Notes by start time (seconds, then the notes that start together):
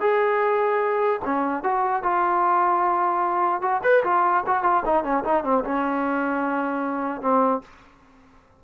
0.00 G#4
1.24 C#4
1.63 F#4
2.03 F4
3.61 F#4
3.83 B4
4.04 F4
4.46 F#4
4.63 F4
4.85 D#4
5.04 C#4
5.24 D#4
5.43 C4
5.64 C#4
7.21 C4